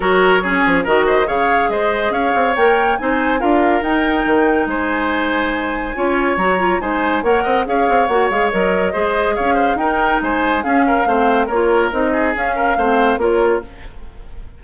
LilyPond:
<<
  \new Staff \with { instrumentName = "flute" } { \time 4/4 \tempo 4 = 141 cis''2 dis''4 f''4 | dis''4 f''4 g''4 gis''4 | f''4 g''2 gis''4~ | gis''2. ais''4 |
gis''4 fis''4 f''4 fis''8 f''8 | dis''2 f''4 g''4 | gis''4 f''2 cis''4 | dis''4 f''2 cis''4 | }
  \new Staff \with { instrumentName = "oboe" } { \time 4/4 ais'4 gis'4 ais'8 c''8 cis''4 | c''4 cis''2 c''4 | ais'2. c''4~ | c''2 cis''2 |
c''4 cis''8 dis''8 cis''2~ | cis''4 c''4 cis''8 c''8 ais'4 | c''4 gis'8 ais'8 c''4 ais'4~ | ais'8 gis'4 ais'8 c''4 ais'4 | }
  \new Staff \with { instrumentName = "clarinet" } { \time 4/4 fis'4 cis'4 fis'4 gis'4~ | gis'2 ais'4 dis'4 | f'4 dis'2.~ | dis'2 f'4 fis'8 f'8 |
dis'4 ais'4 gis'4 fis'8 gis'8 | ais'4 gis'2 dis'4~ | dis'4 cis'4 c'4 f'4 | dis'4 cis'4 c'4 f'4 | }
  \new Staff \with { instrumentName = "bassoon" } { \time 4/4 fis4. f8 dis4 cis4 | gis4 cis'8 c'8 ais4 c'4 | d'4 dis'4 dis4 gis4~ | gis2 cis'4 fis4 |
gis4 ais8 c'8 cis'8 c'8 ais8 gis8 | fis4 gis4 cis'4 dis'4 | gis4 cis'4 a4 ais4 | c'4 cis'4 a4 ais4 | }
>>